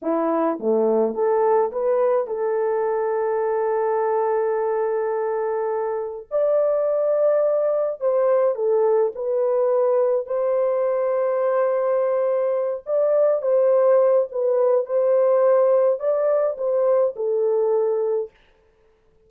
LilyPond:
\new Staff \with { instrumentName = "horn" } { \time 4/4 \tempo 4 = 105 e'4 a4 a'4 b'4 | a'1~ | a'2. d''4~ | d''2 c''4 a'4 |
b'2 c''2~ | c''2~ c''8 d''4 c''8~ | c''4 b'4 c''2 | d''4 c''4 a'2 | }